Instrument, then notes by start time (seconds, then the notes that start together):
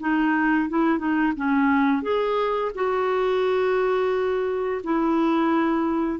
clarinet
0.00 D#4
0.69 E4
0.98 D#4
1.37 C#4
2.03 G#4
2.75 F#4
4.84 E4